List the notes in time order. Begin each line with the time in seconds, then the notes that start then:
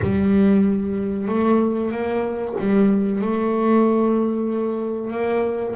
0.01 G3
1.28 A3
1.91 A#3
2.59 G3
3.21 A3
5.10 A#3